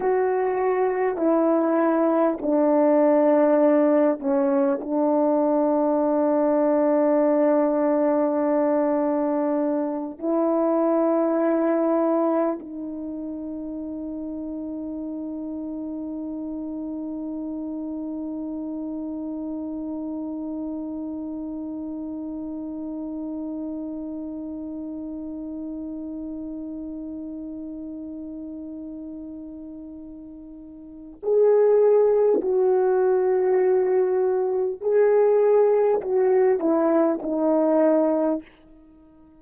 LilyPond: \new Staff \with { instrumentName = "horn" } { \time 4/4 \tempo 4 = 50 fis'4 e'4 d'4. cis'8 | d'1~ | d'8 e'2 dis'4.~ | dis'1~ |
dis'1~ | dis'1~ | dis'2 gis'4 fis'4~ | fis'4 gis'4 fis'8 e'8 dis'4 | }